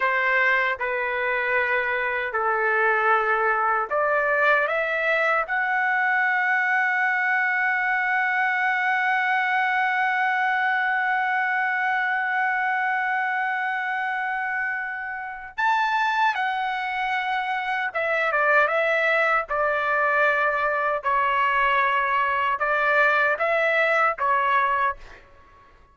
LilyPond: \new Staff \with { instrumentName = "trumpet" } { \time 4/4 \tempo 4 = 77 c''4 b'2 a'4~ | a'4 d''4 e''4 fis''4~ | fis''1~ | fis''1~ |
fis''1 | a''4 fis''2 e''8 d''8 | e''4 d''2 cis''4~ | cis''4 d''4 e''4 cis''4 | }